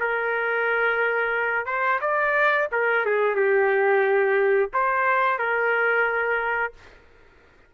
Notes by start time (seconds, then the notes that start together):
0.00 A#4
1.66 C5
2.01 D5
2.72 A#4
3.06 G#4
3.36 G4
4.73 C5
5.39 A#4